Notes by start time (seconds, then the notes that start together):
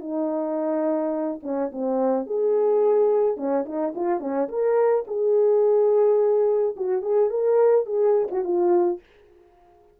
0.00 D#4
1.43 C#4
1.72 C4
2.26 G#4
3.37 C#4
3.66 D#4
3.95 F4
4.20 C#4
4.49 A#4
5.07 G#4
6.76 F#4
7.02 G#4
7.30 A#4
7.86 G#4
8.31 F#4
8.44 F4